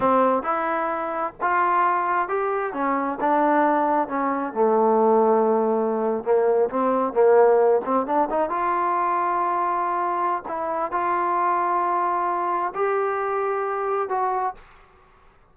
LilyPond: \new Staff \with { instrumentName = "trombone" } { \time 4/4 \tempo 4 = 132 c'4 e'2 f'4~ | f'4 g'4 cis'4 d'4~ | d'4 cis'4 a2~ | a4.~ a16 ais4 c'4 ais16~ |
ais4~ ais16 c'8 d'8 dis'8 f'4~ f'16~ | f'2. e'4 | f'1 | g'2. fis'4 | }